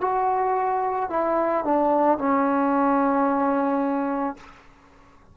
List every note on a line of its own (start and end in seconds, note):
0.00 1.09 F#4
1.10 1.64 E4
1.64 2.18 D4
2.18 4.36 C#4